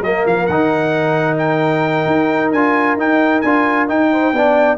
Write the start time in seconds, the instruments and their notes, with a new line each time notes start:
0.00 tuba F#3, trombone A#3, horn A#4, trumpet D#5
0.26 tuba F3, trumpet F5
0.46 tuba D#3, trombone D#4, trumpet F#5
1.38 trumpet G5
2.06 tuba D#4
2.51 tuba D4, trombone F4, trumpet G#5
2.96 tuba D#4, trombone D#4, trumpet G5
3.41 tuba D4, trombone F4, trumpet G#5
3.88 trombone D#4, tuba D#4, trumpet G5
4.11 horn C5
4.33 tuba B3, trombone D4, horn D5